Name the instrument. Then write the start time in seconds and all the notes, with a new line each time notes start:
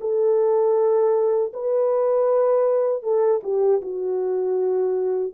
horn
0.00 A4
1.53 B4
3.02 A4
3.43 G4
3.81 F#4